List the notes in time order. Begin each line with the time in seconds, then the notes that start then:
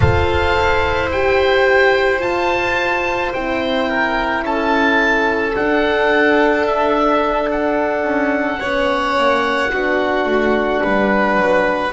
0.00 F4 A4 C5 F5
0.55 E4
1.11 G4 G5
2.19 F4 A5
3.33 C4 E4 G5
3.88 A#4
4.43 C#4 A4 A5
5.54 D4 F#5
6.66 E5
7.51 F#5
8.03 C#4
8.59 B3 C#4 C#5
9.18 A#3
9.71 B3 D4 F#4
10.25 A3
10.83 G3 B4
11.37 F#3